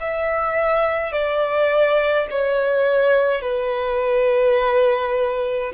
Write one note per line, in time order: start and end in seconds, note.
0.00 1.12 E5
1.12 2.27 D5
2.30 3.41 C#5
3.41 5.72 B4